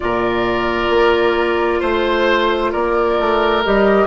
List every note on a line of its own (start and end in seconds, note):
0.00 0.89 A#2
0.00 3.62 F4
0.00 1.80 A#4
0.00 1.81 D5
0.89 1.80 A#3
1.80 2.73 A3
1.80 2.70 C5
1.80 2.72 C5
2.72 3.19 A#3
2.72 4.06 A#4
2.72 3.63 D5
3.19 3.64 A3
3.63 4.06 G3
3.63 4.06 G4
3.63 4.06 D#5